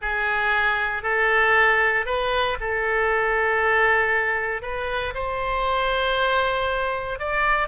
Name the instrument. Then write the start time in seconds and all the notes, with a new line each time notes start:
oboe
0.01 G#4
1.03 A4
2.05 B4
2.60 A4
4.62 B4
5.14 C5
7.19 D5